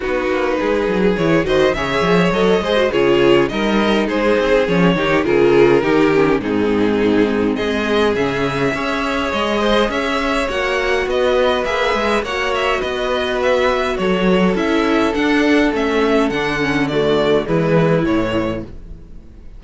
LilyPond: <<
  \new Staff \with { instrumentName = "violin" } { \time 4/4 \tempo 4 = 103 b'2 cis''8 dis''8 e''4 | dis''4 cis''4 dis''4 c''4 | cis''4 ais'2 gis'4~ | gis'4 dis''4 e''2 |
dis''4 e''4 fis''4 dis''4 | e''4 fis''8 e''8 dis''4 e''4 | cis''4 e''4 fis''4 e''4 | fis''4 d''4 b'4 cis''4 | }
  \new Staff \with { instrumentName = "violin" } { \time 4/4 fis'4 gis'4. c''8 cis''4~ | cis''8 c''8 gis'4 ais'4 gis'4~ | gis'8 g'8 gis'4 g'4 dis'4~ | dis'4 gis'2 cis''4~ |
cis''8 c''8 cis''2 b'4~ | b'4 cis''4 b'2 | a'1~ | a'4 fis'4 e'2 | }
  \new Staff \with { instrumentName = "viola" } { \time 4/4 dis'2 e'8 fis'8 gis'4 | a'8 gis'16 fis'16 f'4 dis'2 | cis'8 dis'8 f'4 dis'8 cis'8 c'4~ | c'2 cis'4 gis'4~ |
gis'2 fis'2 | gis'4 fis'2.~ | fis'4 e'4 d'4 cis'4 | d'8 cis'8 a4 gis4 e4 | }
  \new Staff \with { instrumentName = "cello" } { \time 4/4 b8 ais8 gis8 fis8 e8 dis8 cis8 f8 | fis8 gis8 cis4 g4 gis8 c'8 | f8 dis8 cis4 dis4 gis,4~ | gis,4 gis4 cis4 cis'4 |
gis4 cis'4 ais4 b4 | ais8 gis8 ais4 b2 | fis4 cis'4 d'4 a4 | d2 e4 a,4 | }
>>